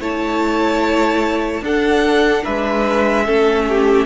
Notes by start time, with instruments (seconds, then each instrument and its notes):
0.00 cello A3, viola E4, violin C#5 A5
1.61 cello D4, viola D4, violin A4 F#5
2.43 cello G#3, violin B4 E5
3.25 cello A3, viola C#4, violin A4
3.69 violin G4